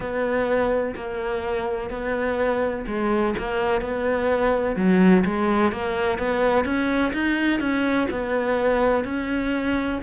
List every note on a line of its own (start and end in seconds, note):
0.00 0.94 B3
0.95 1.90 A#3
1.90 2.85 B3
2.87 3.34 G#3
3.38 3.81 A#3
3.81 4.76 B3
4.76 5.23 F#3
5.25 5.71 G#3
5.71 6.18 A#3
6.18 6.65 B3
6.65 7.12 C#4
7.13 7.60 D#4
7.60 8.07 C#4
8.10 9.04 B3
9.04 9.99 C#4